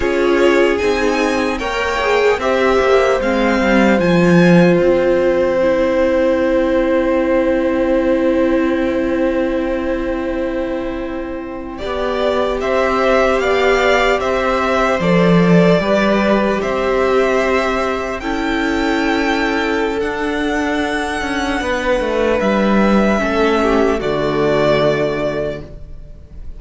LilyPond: <<
  \new Staff \with { instrumentName = "violin" } { \time 4/4 \tempo 4 = 75 cis''4 gis''4 g''4 e''4 | f''4 gis''4 g''2~ | g''1~ | g''2.~ g''8. e''16~ |
e''8. f''4 e''4 d''4~ d''16~ | d''8. e''2 g''4~ g''16~ | g''4 fis''2. | e''2 d''2 | }
  \new Staff \with { instrumentName = "violin" } { \time 4/4 gis'2 cis''4 c''4~ | c''1~ | c''1~ | c''2~ c''8. d''4 c''16~ |
c''8. d''4 c''2 b'16~ | b'8. c''2 a'4~ a'16~ | a'2. b'4~ | b'4 a'8 g'8 fis'2 | }
  \new Staff \with { instrumentName = "viola" } { \time 4/4 f'4 dis'4 ais'8 gis'8 g'4 | c'4 f'2 e'4~ | e'1~ | e'2~ e'8. g'4~ g'16~ |
g'2~ g'8. a'4 g'16~ | g'2~ g'8. e'4~ e'16~ | e'4 d'2.~ | d'4 cis'4 a2 | }
  \new Staff \with { instrumentName = "cello" } { \time 4/4 cis'4 c'4 ais4 c'8 ais8 | gis8 g8 f4 c'2~ | c'1~ | c'2~ c'8. b4 c'16~ |
c'8. b4 c'4 f4 g16~ | g8. c'2 cis'4~ cis'16~ | cis'4 d'4. cis'8 b8 a8 | g4 a4 d2 | }
>>